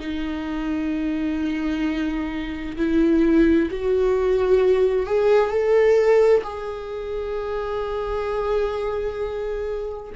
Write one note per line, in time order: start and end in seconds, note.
0.00 2.77 D#4
2.77 3.69 E4
3.71 5.07 F#4
5.07 5.50 G#4
5.50 6.43 A4
6.44 10.13 G#4